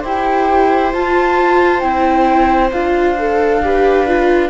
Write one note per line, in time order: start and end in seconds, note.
0.00 0.93 E4
0.00 0.94 G4
0.00 3.58 C5
0.00 0.93 G5
0.93 1.82 F4
0.93 1.80 A5
1.80 2.71 C4
1.80 2.71 E4
1.80 2.69 G5
2.72 4.49 D4
2.72 3.17 F4
2.72 4.49 F5
3.18 3.62 A4
3.62 4.06 G4
3.62 4.49 B4
4.06 4.49 F4